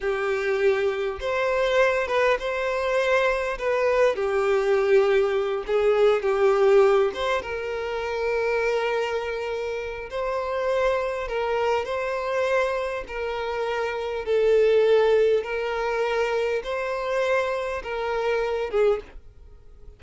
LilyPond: \new Staff \with { instrumentName = "violin" } { \time 4/4 \tempo 4 = 101 g'2 c''4. b'8 | c''2 b'4 g'4~ | g'4. gis'4 g'4. | c''8 ais'2.~ ais'8~ |
ais'4 c''2 ais'4 | c''2 ais'2 | a'2 ais'2 | c''2 ais'4. gis'8 | }